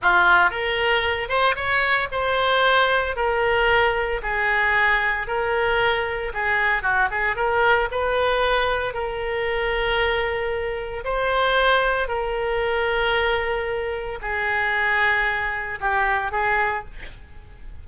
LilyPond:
\new Staff \with { instrumentName = "oboe" } { \time 4/4 \tempo 4 = 114 f'4 ais'4. c''8 cis''4 | c''2 ais'2 | gis'2 ais'2 | gis'4 fis'8 gis'8 ais'4 b'4~ |
b'4 ais'2.~ | ais'4 c''2 ais'4~ | ais'2. gis'4~ | gis'2 g'4 gis'4 | }